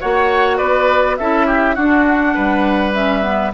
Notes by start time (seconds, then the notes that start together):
0.00 A#3 F#4 C#5 F#5
0.57 B3 B4 D5
1.17 C#4 E4 A4 E5
1.46 G4
1.75 D4 F#4 F#5
2.34 G3 B4
2.93 C#4 E5
3.22 B3